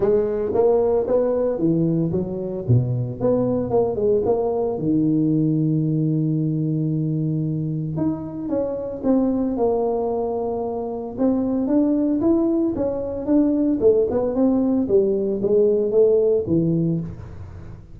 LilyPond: \new Staff \with { instrumentName = "tuba" } { \time 4/4 \tempo 4 = 113 gis4 ais4 b4 e4 | fis4 b,4 b4 ais8 gis8 | ais4 dis2.~ | dis2. dis'4 |
cis'4 c'4 ais2~ | ais4 c'4 d'4 e'4 | cis'4 d'4 a8 b8 c'4 | g4 gis4 a4 e4 | }